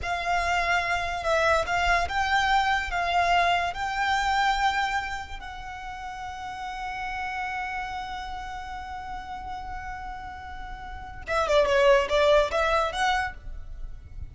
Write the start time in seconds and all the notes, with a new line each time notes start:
0.02 F5
1.23 E5
1.66 F5
2.08 G5
2.91 F5
3.73 G5
5.39 F#5
11.27 E5
11.47 D5
11.66 C#5
12.09 D5
12.51 E5
12.92 F#5